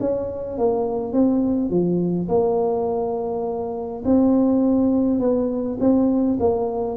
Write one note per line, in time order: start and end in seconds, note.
0.00 0.58 C#4
0.58 1.13 A#3
1.13 1.70 C4
1.70 2.28 F3
2.28 4.03 A#3
4.05 5.20 C4
5.20 5.78 B3
5.80 6.38 C4
6.39 6.97 A#3